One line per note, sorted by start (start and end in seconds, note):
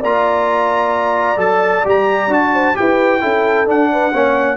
0.00 1.37 A#3
0.00 1.37 F4
0.00 2.52 D5
0.00 1.40 A#5
1.37 1.82 F#3
1.37 1.83 A4
1.37 1.86 A5
1.84 2.27 G3
1.84 2.30 G4
1.84 2.33 A#5
2.27 2.73 D4
2.27 2.75 F#4
2.27 2.76 A5
2.53 2.76 C5
2.75 3.23 E4
2.75 3.21 G4
2.75 3.22 B4
2.75 3.68 G5
3.21 3.68 C#4
3.21 3.66 E4
3.21 3.90 A4
3.66 4.12 D4
3.66 4.13 D4
3.66 4.57 F#5
3.92 4.13 B4
4.13 4.57 A#3
4.13 4.57 C#4
4.13 4.57 C#5